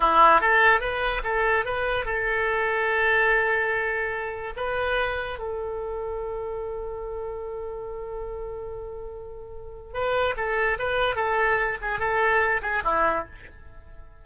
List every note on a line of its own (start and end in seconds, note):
0.00 0.40 E4
0.40 0.80 A4
0.80 1.21 B4
1.23 1.65 A4
1.65 2.05 B4
2.05 4.53 A4
4.56 5.38 B4
5.38 9.93 A4
9.93 10.34 B4
10.36 10.78 A4
10.78 11.15 B4
11.15 11.77 A4
11.81 11.99 G#4
11.99 12.61 A4
12.62 12.82 G#4
12.84 13.25 E4